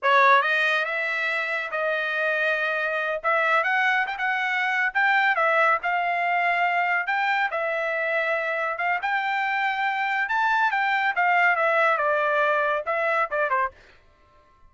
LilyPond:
\new Staff \with { instrumentName = "trumpet" } { \time 4/4 \tempo 4 = 140 cis''4 dis''4 e''2 | dis''2.~ dis''8 e''8~ | e''8 fis''4 g''16 fis''4.~ fis''16 g''8~ | g''8 e''4 f''2~ f''8~ |
f''8 g''4 e''2~ e''8~ | e''8 f''8 g''2. | a''4 g''4 f''4 e''4 | d''2 e''4 d''8 c''8 | }